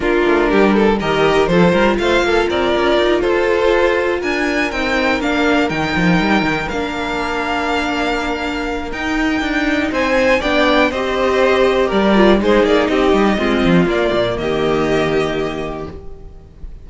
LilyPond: <<
  \new Staff \with { instrumentName = "violin" } { \time 4/4 \tempo 4 = 121 ais'2 dis''4 c''4 | f''4 d''4. c''4.~ | c''8 gis''4 g''4 f''4 g''8~ | g''4. f''2~ f''8~ |
f''2 g''2 | gis''4 g''4 dis''2 | d''4 c''8 d''8 dis''2 | d''4 dis''2. | }
  \new Staff \with { instrumentName = "violin" } { \time 4/4 f'4 g'8 a'8 ais'4 a'8 ais'8 | c''8 a'8 ais'4. a'4.~ | a'8 ais'2.~ ais'8~ | ais'1~ |
ais'1 | c''4 d''4 c''2 | ais'4 gis'4 g'4 f'4~ | f'4 g'2. | }
  \new Staff \with { instrumentName = "viola" } { \time 4/4 d'2 g'4 f'4~ | f'1~ | f'4. dis'4 d'4 dis'8~ | dis'4. d'2~ d'8~ |
d'2 dis'2~ | dis'4 d'4 g'2~ | g'8 f'8 dis'2 c'4 | ais1 | }
  \new Staff \with { instrumentName = "cello" } { \time 4/4 ais8 a8 g4 dis4 f8 g8 | a8 ais8 c'8 cis'8 dis'8 f'4.~ | f'8 d'4 c'4 ais4 dis8 | f8 g8 dis8 ais2~ ais8~ |
ais2 dis'4 d'4 | c'4 b4 c'2 | g4 gis8 ais8 c'8 g8 gis8 f8 | ais8 ais,8 dis2. | }
>>